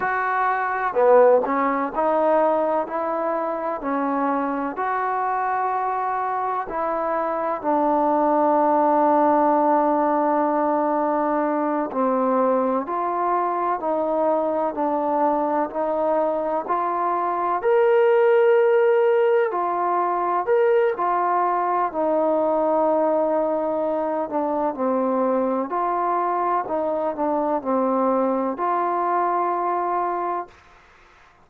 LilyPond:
\new Staff \with { instrumentName = "trombone" } { \time 4/4 \tempo 4 = 63 fis'4 b8 cis'8 dis'4 e'4 | cis'4 fis'2 e'4 | d'1~ | d'8 c'4 f'4 dis'4 d'8~ |
d'8 dis'4 f'4 ais'4.~ | ais'8 f'4 ais'8 f'4 dis'4~ | dis'4. d'8 c'4 f'4 | dis'8 d'8 c'4 f'2 | }